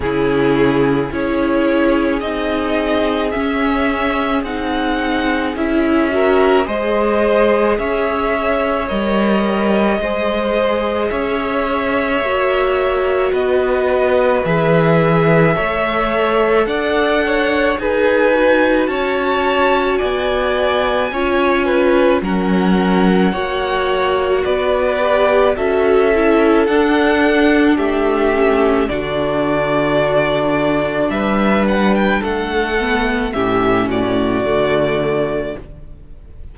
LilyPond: <<
  \new Staff \with { instrumentName = "violin" } { \time 4/4 \tempo 4 = 54 gis'4 cis''4 dis''4 e''4 | fis''4 e''4 dis''4 e''4 | dis''2 e''2 | dis''4 e''2 fis''4 |
gis''4 a''4 gis''2 | fis''2 d''4 e''4 | fis''4 e''4 d''2 | e''8 fis''16 g''16 fis''4 e''8 d''4. | }
  \new Staff \with { instrumentName = "violin" } { \time 4/4 e'4 gis'2.~ | gis'4. ais'8 c''4 cis''4~ | cis''4 c''4 cis''2 | b'2 cis''4 d''8 cis''8 |
b'4 cis''4 d''4 cis''8 b'8 | ais'4 cis''4 b'4 a'4~ | a'4 g'4 fis'2 | b'4 a'4 g'8 fis'4. | }
  \new Staff \with { instrumentName = "viola" } { \time 4/4 cis'4 e'4 dis'4 cis'4 | dis'4 e'8 fis'8 gis'2 | ais'4 gis'2 fis'4~ | fis'4 gis'4 a'2 |
gis'8 fis'2~ fis'8 f'4 | cis'4 fis'4. g'8 fis'8 e'8 | d'4. cis'8 d'2~ | d'4. b8 cis'4 a4 | }
  \new Staff \with { instrumentName = "cello" } { \time 4/4 cis4 cis'4 c'4 cis'4 | c'4 cis'4 gis4 cis'4 | g4 gis4 cis'4 ais4 | b4 e4 a4 d'4 |
dis'4 cis'4 b4 cis'4 | fis4 ais4 b4 cis'4 | d'4 a4 d2 | g4 a4 a,4 d4 | }
>>